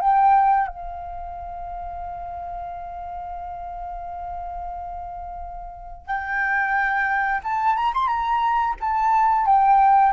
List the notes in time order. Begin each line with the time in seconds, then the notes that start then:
0.00 G5
0.67 F5
6.06 G5
7.43 A5
7.76 A#5
7.94 C6
8.07 A#5
8.80 A5
9.46 G5